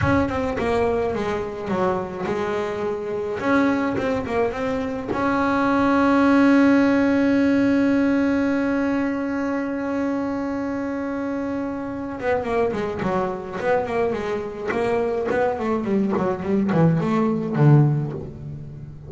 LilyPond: \new Staff \with { instrumentName = "double bass" } { \time 4/4 \tempo 4 = 106 cis'8 c'8 ais4 gis4 fis4 | gis2 cis'4 c'8 ais8 | c'4 cis'2.~ | cis'1~ |
cis'1~ | cis'4. b8 ais8 gis8 fis4 | b8 ais8 gis4 ais4 b8 a8 | g8 fis8 g8 e8 a4 d4 | }